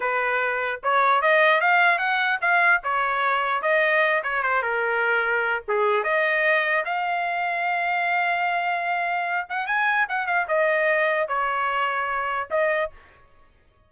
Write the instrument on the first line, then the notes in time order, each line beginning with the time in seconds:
trumpet
0.00 B4
0.83 C#5
1.21 D#5
1.61 F5
1.98 F#5
2.41 F5
2.83 C#5
3.61 D#5
4.23 C#5
4.42 C5
4.62 A#4
5.68 G#4
6.03 D#5
6.85 F5
9.49 F#5
9.66 G#5
10.09 F#5
10.26 F5
10.48 D#5
11.28 C#5
12.50 D#5